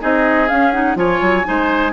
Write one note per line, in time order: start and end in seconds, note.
0.00 0.51 C4
0.00 0.48 D#4
0.00 0.98 G#4
0.00 0.49 D#5
0.49 0.74 C#4
0.49 0.96 C#4
0.49 0.72 F5
0.72 0.96 D#4
0.72 0.96 F#5
0.96 1.20 F3
0.96 1.44 F4
0.96 1.47 C#5
0.96 1.93 G#5
1.21 1.45 F#3
1.44 1.93 G#3
1.44 1.93 D#4
1.44 1.93 C5